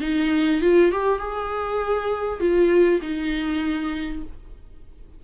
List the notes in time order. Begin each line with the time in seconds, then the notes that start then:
0.00 D#4
0.61 F4
0.91 G4
1.18 G#4
2.39 F4
3.01 D#4